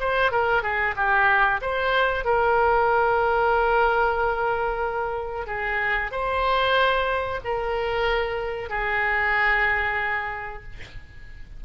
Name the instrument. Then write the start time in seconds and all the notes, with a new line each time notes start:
oboe
0.00 C5
0.32 A#4
0.62 G#4
0.96 G4
1.61 C5
2.25 A#4
5.47 G#4
6.11 C5
7.44 A#4
8.69 G#4